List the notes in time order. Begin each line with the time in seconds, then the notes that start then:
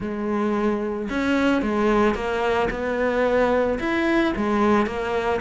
0.00 G#3
1.09 C#4
1.62 G#3
2.14 A#3
2.70 B3
3.79 E4
4.36 G#3
4.86 A#3